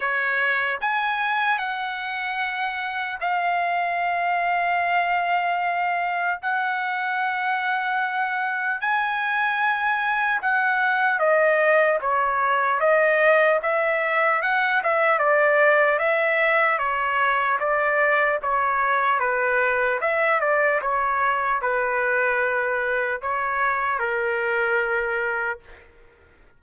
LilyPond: \new Staff \with { instrumentName = "trumpet" } { \time 4/4 \tempo 4 = 75 cis''4 gis''4 fis''2 | f''1 | fis''2. gis''4~ | gis''4 fis''4 dis''4 cis''4 |
dis''4 e''4 fis''8 e''8 d''4 | e''4 cis''4 d''4 cis''4 | b'4 e''8 d''8 cis''4 b'4~ | b'4 cis''4 ais'2 | }